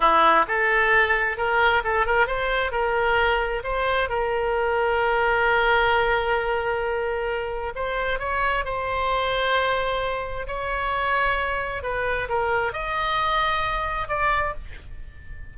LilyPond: \new Staff \with { instrumentName = "oboe" } { \time 4/4 \tempo 4 = 132 e'4 a'2 ais'4 | a'8 ais'8 c''4 ais'2 | c''4 ais'2.~ | ais'1~ |
ais'4 c''4 cis''4 c''4~ | c''2. cis''4~ | cis''2 b'4 ais'4 | dis''2. d''4 | }